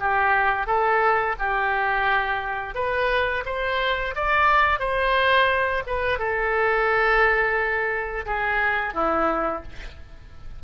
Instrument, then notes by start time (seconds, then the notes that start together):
oboe
0.00 G4
0.67 A4
1.39 G4
2.75 B4
3.46 C5
4.16 D5
4.80 C5
5.87 B4
6.19 A4
8.26 G#4
8.94 E4